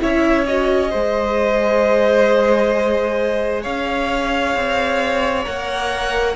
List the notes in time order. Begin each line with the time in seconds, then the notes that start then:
0.00 C#4 E4 C#5 E5
0.47 F#4 D#5
0.91 G#3 G#4 C5
3.63 C#4 C#5 F5
4.56 C4
5.45 A#3 A#4 F#5